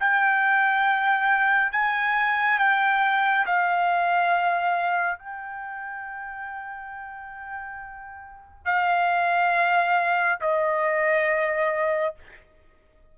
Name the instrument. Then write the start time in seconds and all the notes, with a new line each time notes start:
trumpet
0.00 G5
1.72 G#5
2.58 G5
3.46 F5
5.19 G5
8.65 F5
10.41 D#5